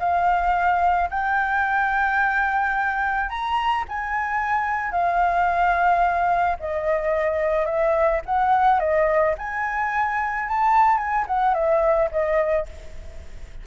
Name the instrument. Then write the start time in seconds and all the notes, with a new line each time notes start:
flute
0.00 F5
1.10 G5
3.30 A#5
3.89 G#5
4.92 F5
6.60 D#5
7.66 E5
8.26 F#5
8.80 D#5
9.39 G#5
10.49 A5
10.98 G#5
11.28 F#5
11.54 E5
12.12 D#5